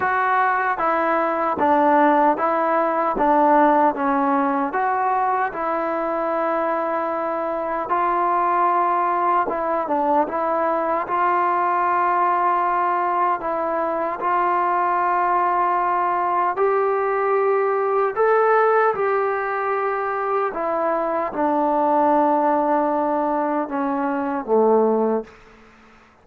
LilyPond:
\new Staff \with { instrumentName = "trombone" } { \time 4/4 \tempo 4 = 76 fis'4 e'4 d'4 e'4 | d'4 cis'4 fis'4 e'4~ | e'2 f'2 | e'8 d'8 e'4 f'2~ |
f'4 e'4 f'2~ | f'4 g'2 a'4 | g'2 e'4 d'4~ | d'2 cis'4 a4 | }